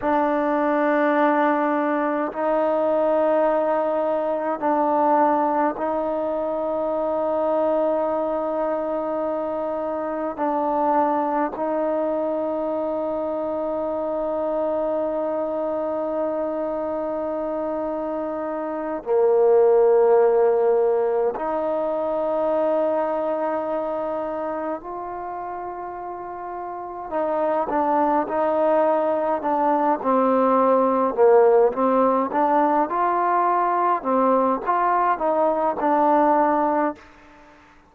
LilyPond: \new Staff \with { instrumentName = "trombone" } { \time 4/4 \tempo 4 = 52 d'2 dis'2 | d'4 dis'2.~ | dis'4 d'4 dis'2~ | dis'1~ |
dis'8 ais2 dis'4.~ | dis'4. f'2 dis'8 | d'8 dis'4 d'8 c'4 ais8 c'8 | d'8 f'4 c'8 f'8 dis'8 d'4 | }